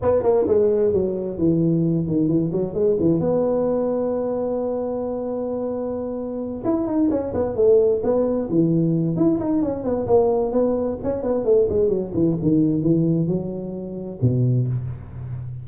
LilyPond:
\new Staff \with { instrumentName = "tuba" } { \time 4/4 \tempo 4 = 131 b8 ais8 gis4 fis4 e4~ | e8 dis8 e8 fis8 gis8 e8 b4~ | b1~ | b2~ b8 e'8 dis'8 cis'8 |
b8 a4 b4 e4. | e'8 dis'8 cis'8 b8 ais4 b4 | cis'8 b8 a8 gis8 fis8 e8 dis4 | e4 fis2 b,4 | }